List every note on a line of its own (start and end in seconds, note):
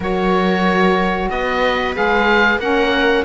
0.00 1.28 F#3
0.00 1.95 F#4
0.00 1.30 A#4
0.00 1.30 C#5
1.30 1.96 B3
1.30 2.60 B4
1.30 1.95 D#5
1.95 2.58 G#3
1.95 2.60 G#4
1.95 2.60 F5
2.58 3.23 A#3
2.58 3.24 C#4
2.58 3.24 A#4
2.58 3.24 F#5